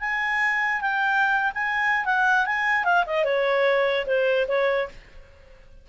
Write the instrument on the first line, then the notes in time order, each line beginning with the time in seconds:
clarinet
0.00 G#5
0.81 G5
1.54 G#5
2.05 F#5
2.46 G#5
2.84 F5
3.06 D#5
3.25 C#5
4.07 C5
4.48 C#5